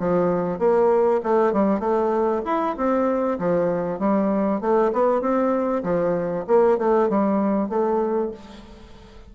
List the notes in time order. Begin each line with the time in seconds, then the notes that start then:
0.00 F3
0.59 A#3
1.23 A3
1.53 G3
1.80 A3
2.45 E4
2.77 C4
3.39 F3
3.99 G3
4.61 A3
4.93 B3
5.21 C4
5.83 F3
6.48 A#3
6.78 A3
7.10 G3
7.69 A3